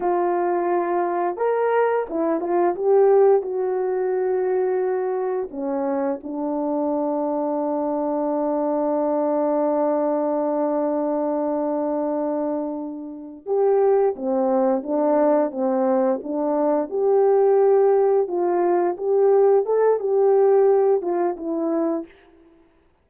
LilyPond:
\new Staff \with { instrumentName = "horn" } { \time 4/4 \tempo 4 = 87 f'2 ais'4 e'8 f'8 | g'4 fis'2. | cis'4 d'2.~ | d'1~ |
d'2.~ d'8 g'8~ | g'8 c'4 d'4 c'4 d'8~ | d'8 g'2 f'4 g'8~ | g'8 a'8 g'4. f'8 e'4 | }